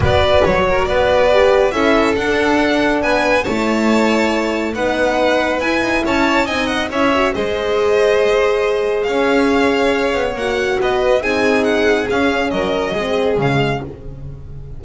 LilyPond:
<<
  \new Staff \with { instrumentName = "violin" } { \time 4/4 \tempo 4 = 139 d''4 cis''4 d''2 | e''4 fis''2 gis''4 | a''2. fis''4~ | fis''4 gis''4 a''4 gis''8 fis''8 |
e''4 dis''2.~ | dis''4 f''2. | fis''4 dis''4 gis''4 fis''4 | f''4 dis''2 f''4 | }
  \new Staff \with { instrumentName = "violin" } { \time 4/4 b'4. ais'8 b'2 | a'2. b'4 | cis''2. b'4~ | b'2 cis''4 dis''4 |
cis''4 c''2.~ | c''4 cis''2.~ | cis''4 b'4 gis'2~ | gis'4 ais'4 gis'2 | }
  \new Staff \with { instrumentName = "horn" } { \time 4/4 fis'2. g'4 | e'4 d'2. | e'2. dis'4~ | dis'4 e'2 dis'4 |
e'8 fis'8 gis'2.~ | gis'1 | fis'2 dis'2 | cis'2 c'4 gis4 | }
  \new Staff \with { instrumentName = "double bass" } { \time 4/4 b4 fis4 b2 | cis'4 d'2 b4 | a2. b4~ | b4 e'8 dis'8 cis'4 c'4 |
cis'4 gis2.~ | gis4 cis'2~ cis'8 b8 | ais4 b4 c'2 | cis'4 fis4 gis4 cis4 | }
>>